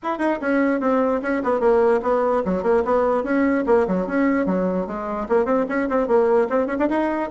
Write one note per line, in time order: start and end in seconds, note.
0.02 0.18 E4
0.18 0.38 D#4
0.41 0.80 C#4
0.80 1.21 C4
1.22 1.42 C#4
1.43 1.60 B3
1.60 2.00 A#3
2.02 2.43 B3
2.45 2.62 F#3
2.62 2.83 A#3
2.84 3.23 B3
3.23 3.64 C#4
3.66 3.86 A#3
3.87 4.06 F#3
4.06 4.46 C#4
4.46 4.86 F#3
4.86 5.27 G#3
5.28 5.45 A#3
5.45 5.65 C4
5.68 5.89 C#4
5.89 6.07 C4
6.07 6.48 A#3
6.49 6.67 C4
6.67 6.77 C#4
6.78 6.88 D4
6.89 7.30 D#4